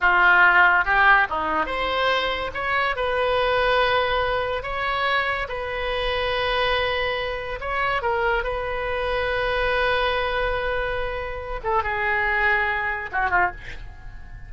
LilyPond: \new Staff \with { instrumentName = "oboe" } { \time 4/4 \tempo 4 = 142 f'2 g'4 dis'4 | c''2 cis''4 b'4~ | b'2. cis''4~ | cis''4 b'2.~ |
b'2 cis''4 ais'4 | b'1~ | b'2.~ b'8 a'8 | gis'2. fis'8 f'8 | }